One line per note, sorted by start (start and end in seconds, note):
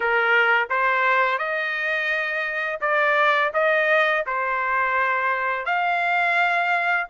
0.00 0.68 A#4
0.69 1.38 C5
1.38 2.79 D#5
2.80 3.51 D5
3.53 4.24 D#5
4.26 5.65 C5
5.65 7.06 F5